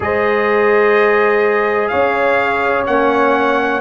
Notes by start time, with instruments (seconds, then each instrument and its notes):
0.00 tuba G#3, trombone G#4, horn C5, trumpet D#5
1.88 tuba C#4, horn C#5, trumpet F5
2.86 tuba A#3, trombone C#4, trumpet F#5